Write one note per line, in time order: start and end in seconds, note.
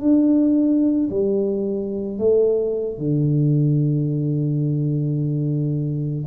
0.00 1.09 D4
1.10 2.18 G3
2.18 2.98 A3
2.98 6.25 D3